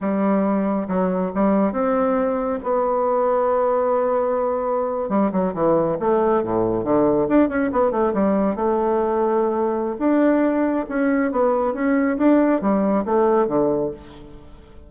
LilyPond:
\new Staff \with { instrumentName = "bassoon" } { \time 4/4 \tempo 4 = 138 g2 fis4 g4 | c'2 b2~ | b2.~ b8. g16~ | g16 fis8 e4 a4 a,4 d16~ |
d8. d'8 cis'8 b8 a8 g4 a16~ | a2. d'4~ | d'4 cis'4 b4 cis'4 | d'4 g4 a4 d4 | }